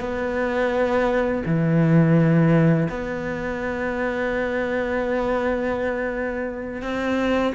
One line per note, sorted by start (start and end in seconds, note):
0.00 1.43 B3
1.45 2.88 E3
2.89 6.82 B3
6.82 7.53 C4